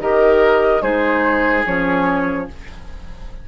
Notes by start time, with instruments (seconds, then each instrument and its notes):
0.00 bassoon D#3, clarinet G4, oboe A#4, flute D#5
0.82 bassoon G#3, clarinet D#4, oboe G#4, flute C5
1.66 bassoon F3, clarinet C#4, flute C#5